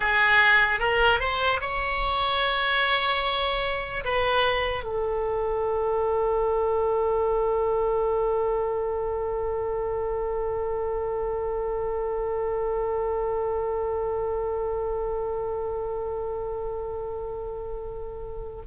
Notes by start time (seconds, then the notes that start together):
0.00 G#4
0.79 A#4
1.19 C5
1.60 C#5
4.04 B4
4.83 A4